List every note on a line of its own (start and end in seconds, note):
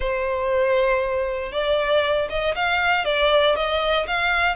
0.00 1.52 C5
1.52 2.28 D5
2.29 2.54 D#5
2.55 3.05 F5
3.05 3.55 D5
3.55 4.06 D#5
4.07 4.55 F5